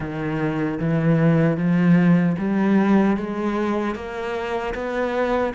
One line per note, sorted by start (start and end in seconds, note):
0.00 0.79 D#3
0.79 1.57 E3
1.57 2.36 F3
2.38 3.16 G3
3.16 3.95 G#3
3.95 4.74 A#3
4.74 5.53 B3